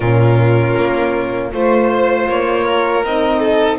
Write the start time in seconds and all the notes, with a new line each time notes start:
0.00 A#2 C#4 F4 A#4
0.76 A#3
1.51 A3 F4 C5
2.28 A#3 C#5
2.64 A#4
3.04 C4 D#4 D#5
3.39 A4